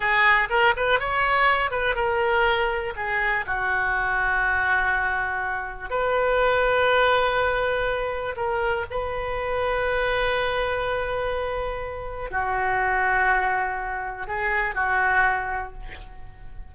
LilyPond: \new Staff \with { instrumentName = "oboe" } { \time 4/4 \tempo 4 = 122 gis'4 ais'8 b'8 cis''4. b'8 | ais'2 gis'4 fis'4~ | fis'1 | b'1~ |
b'4 ais'4 b'2~ | b'1~ | b'4 fis'2.~ | fis'4 gis'4 fis'2 | }